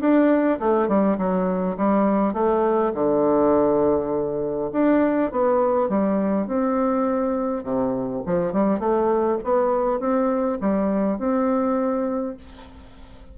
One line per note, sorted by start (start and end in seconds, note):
0.00 0.59 D4
0.59 0.88 A3
0.88 1.17 G3
1.18 1.76 F#3
1.77 2.33 G3
2.33 2.92 A3
2.94 4.71 D3
4.72 5.31 D4
5.31 5.89 B3
5.89 6.47 G3
6.47 7.63 C4
7.63 8.22 C3
8.26 8.52 F3
8.52 8.79 G3
8.79 9.38 A3
9.44 9.99 B3
9.99 10.58 C4
10.60 11.18 G3
11.18 12.36 C4